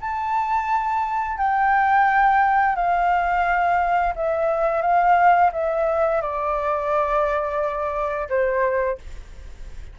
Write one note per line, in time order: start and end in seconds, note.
0.00 1.37 A5
1.37 2.75 G5
2.75 4.13 F5
4.15 4.81 E5
4.81 5.50 F5
5.52 6.21 E5
6.21 8.28 D5
8.29 8.97 C5